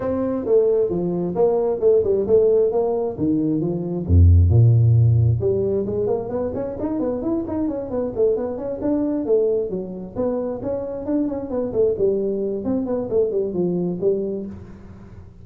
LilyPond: \new Staff \with { instrumentName = "tuba" } { \time 4/4 \tempo 4 = 133 c'4 a4 f4 ais4 | a8 g8 a4 ais4 dis4 | f4 f,4 ais,2 | g4 gis8 ais8 b8 cis'8 dis'8 b8 |
e'8 dis'8 cis'8 b8 a8 b8 cis'8 d'8~ | d'8 a4 fis4 b4 cis'8~ | cis'8 d'8 cis'8 b8 a8 g4. | c'8 b8 a8 g8 f4 g4 | }